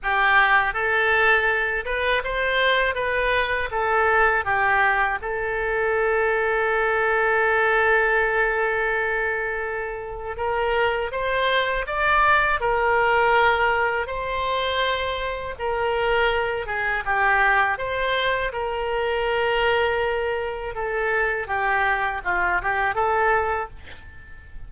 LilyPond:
\new Staff \with { instrumentName = "oboe" } { \time 4/4 \tempo 4 = 81 g'4 a'4. b'8 c''4 | b'4 a'4 g'4 a'4~ | a'1~ | a'2 ais'4 c''4 |
d''4 ais'2 c''4~ | c''4 ais'4. gis'8 g'4 | c''4 ais'2. | a'4 g'4 f'8 g'8 a'4 | }